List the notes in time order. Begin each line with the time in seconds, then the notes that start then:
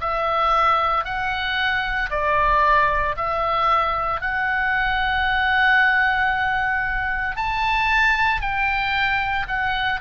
0.00 E5
1.04 F#5
2.10 D5
3.16 E5
4.21 F#5
7.36 A5
8.41 G5
9.47 F#5